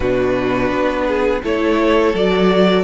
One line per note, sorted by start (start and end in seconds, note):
0.00 0.70 B2
0.00 1.43 D4
0.00 1.06 F#4
0.00 1.42 B4
0.70 1.41 B3
1.06 1.42 G#4
1.43 2.13 A3
1.43 2.14 E4
1.43 2.84 A4
1.43 2.15 C#5
2.13 2.84 F#3
2.13 2.84 F#4
2.13 2.84 D5